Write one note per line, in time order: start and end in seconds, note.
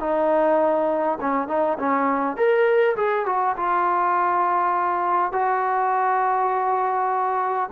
0.00 1.19 D#4
1.21 1.48 C#4
1.48 1.78 D#4
1.79 2.37 C#4
2.37 2.96 A#4
2.96 3.26 G#4
3.26 3.56 F#4
3.57 5.32 F4
5.32 7.70 F#4